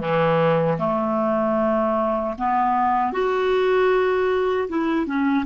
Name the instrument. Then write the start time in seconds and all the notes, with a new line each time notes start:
clarinet
0.00 E3
0.79 A3
2.39 B3
3.13 F#4
4.69 E4
5.06 C#4